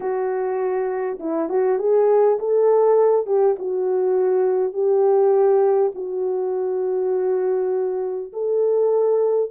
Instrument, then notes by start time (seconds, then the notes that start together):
horn
0.00 F#4
1.19 E4
1.49 F#4
1.78 G#4
2.39 A4
3.26 G4
3.58 F#4
4.73 G4
5.94 F#4
8.32 A4